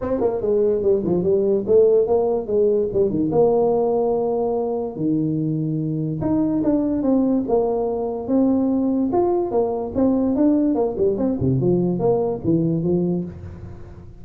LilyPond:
\new Staff \with { instrumentName = "tuba" } { \time 4/4 \tempo 4 = 145 c'8 ais8 gis4 g8 f8 g4 | a4 ais4 gis4 g8 dis8 | ais1 | dis2. dis'4 |
d'4 c'4 ais2 | c'2 f'4 ais4 | c'4 d'4 ais8 g8 c'8 c8 | f4 ais4 e4 f4 | }